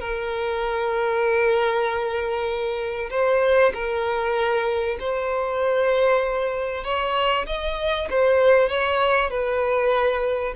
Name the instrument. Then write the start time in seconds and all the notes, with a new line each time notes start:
violin
0.00 A#4
3.10 C5
3.74 A#4
4.99 C5
6.84 C#5
7.46 D#5
8.10 C5
8.69 C#5
9.30 B4